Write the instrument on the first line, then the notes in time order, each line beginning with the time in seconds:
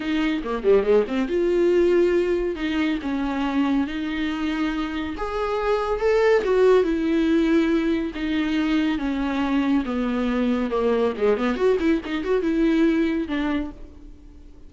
viola
0.00 D#4
0.44 A#3
0.63 G3
0.83 G#3
1.07 C4
1.28 F4
2.55 D#4
3.01 C#4
3.87 D#4
5.17 G#4
6.00 A4
6.43 F#4
6.83 E4
8.14 D#4
8.98 C#4
9.85 B3
10.70 A#3
11.17 G#3
11.37 B3
11.55 F#4
11.79 E4
12.05 D#4
12.24 F#4
12.42 E4
13.27 D4